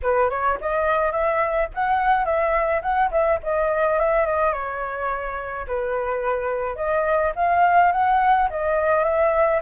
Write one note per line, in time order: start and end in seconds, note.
0.02 0.30 B4
0.30 0.58 C#5
0.60 1.11 D#5
1.11 1.68 E5
1.74 2.25 F#5
2.25 2.81 E5
2.82 3.10 F#5
3.11 3.39 E5
3.43 3.99 D#5
3.99 4.26 E5
4.26 4.53 D#5
4.53 5.66 C#5
5.67 6.75 B4
6.75 7.32 D#5
7.35 7.92 F5
7.92 8.48 F#5
8.50 9.04 D#5
9.04 9.60 E5